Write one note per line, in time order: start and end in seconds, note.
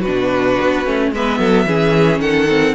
0.00 0.59 B2
0.00 1.08 F#4
0.00 1.09 B4
0.06 0.85 D4
0.61 0.86 B3
0.85 1.12 A3
0.85 1.12 C#4
1.12 1.39 G#3
1.12 1.67 B3
1.12 1.39 B4
1.12 2.20 E5
1.39 1.65 F#3
1.39 1.66 A4
1.65 2.19 E3
1.65 2.48 C#4
1.65 2.21 G#4
2.19 2.73 D#3
2.19 2.74 A4
2.19 2.74 F#5
2.49 2.74 C4